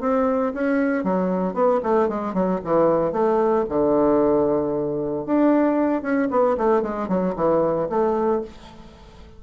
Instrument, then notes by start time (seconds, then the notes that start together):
bassoon
0.00 C4
0.54 C#4
1.04 F#3
1.54 B3
1.83 A3
2.08 G#3
2.33 F#3
2.64 E3
3.12 A3
3.69 D3
5.26 D4
6.02 C#4
6.30 B3
6.57 A3
6.82 G#3
7.08 F#3
7.36 E3
7.89 A3